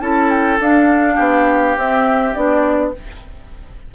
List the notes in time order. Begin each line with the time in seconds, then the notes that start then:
0.00 C#4 E4 A4 A5
0.30 G5
0.59 D4 F5
1.15 B3 G4
1.76 C4 E5
2.34 B3 D4 D5